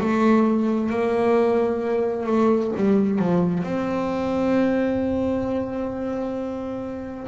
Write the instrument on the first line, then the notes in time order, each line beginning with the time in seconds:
double bass
0.00 A3
0.90 A#3
2.26 A3
2.76 G3
3.19 F3
3.63 C4